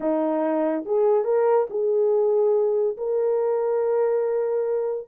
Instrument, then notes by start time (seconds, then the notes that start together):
horn
0.00 D#4
0.85 G#4
1.24 A#4
1.69 G#4
2.97 A#4